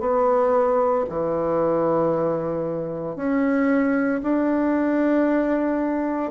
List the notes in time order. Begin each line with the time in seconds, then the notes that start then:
0.00 B3
1.10 E3
3.16 C#4
4.23 D4